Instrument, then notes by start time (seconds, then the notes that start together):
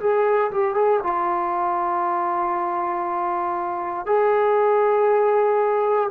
trombone
0.00 G#4
0.51 G4
0.74 G#4
1.03 F4
4.06 G#4